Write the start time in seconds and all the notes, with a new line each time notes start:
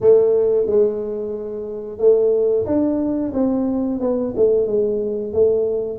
0.00 A3
0.66 G#3
1.98 A3
2.65 D4
3.33 C4
4.00 B3
4.36 A3
4.66 G#3
5.33 A3